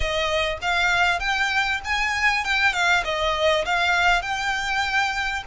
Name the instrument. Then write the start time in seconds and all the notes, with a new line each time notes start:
violin
0.00 D#5
0.61 F5
1.19 G5
1.84 G#5
2.44 G5
2.73 F5
3.04 D#5
3.65 F5
4.21 G5